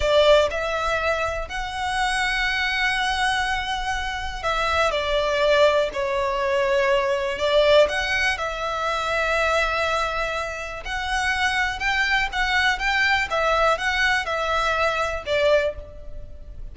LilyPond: \new Staff \with { instrumentName = "violin" } { \time 4/4 \tempo 4 = 122 d''4 e''2 fis''4~ | fis''1~ | fis''4 e''4 d''2 | cis''2. d''4 |
fis''4 e''2.~ | e''2 fis''2 | g''4 fis''4 g''4 e''4 | fis''4 e''2 d''4 | }